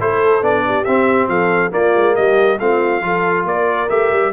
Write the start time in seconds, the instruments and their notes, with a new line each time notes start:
0.00 tuba A3, trombone E4, horn A4, trumpet C5
0.41 tuba B3, trombone D4, trumpet D5
0.65 horn G4
0.84 tuba C4, trombone C4, trumpet E5
1.27 tuba F3, horn A4, trumpet F5
1.71 trombone A#3, tuba A#3, horn F4, trumpet D5
1.95 tuba G#3
2.15 tuba G3, horn G4, trumpet D#5
2.59 tuba A3, trombone C4, horn F4, trumpet F5
3.01 tuba F3, trombone F4, horn A4
3.45 tuba A#3, horn A#4, trumpet D5
3.89 tuba A3, trombone G4, trumpet E5
4.12 tuba G3